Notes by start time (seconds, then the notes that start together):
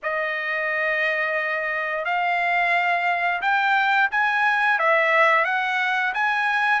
0.02 D#5
2.05 F5
3.41 G5
4.11 G#5
4.79 E5
5.45 F#5
6.14 G#5